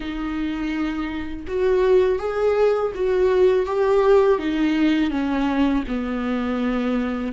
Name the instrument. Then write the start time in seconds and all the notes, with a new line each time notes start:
viola
0.00 D#4
1.47 F#4
2.19 G#4
2.94 F#4
3.66 G4
4.38 D#4
5.10 C#4
5.87 B3